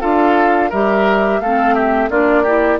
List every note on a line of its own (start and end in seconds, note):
0.00 0.72 D4
0.00 0.70 F4
0.00 0.70 A4
0.00 0.70 F5
0.70 1.40 G3
0.70 1.43 G4
0.70 1.39 A#4
0.70 1.40 E5
1.40 2.09 A3
1.40 2.10 C4
1.40 1.74 A4
1.40 1.74 F5
1.74 2.09 G4
1.74 2.09 E5
2.10 2.80 A#3
2.10 2.45 D4
2.10 2.43 F4
2.10 2.80 D5
2.43 2.80 E4
2.43 2.77 G4